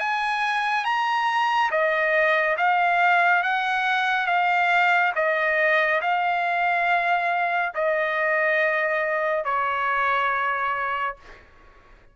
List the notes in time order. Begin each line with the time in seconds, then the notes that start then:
0.00 G#5
0.85 A#5
1.71 D#5
2.58 F5
3.43 F#5
4.27 F5
5.16 D#5
6.02 F5
7.75 D#5
9.45 C#5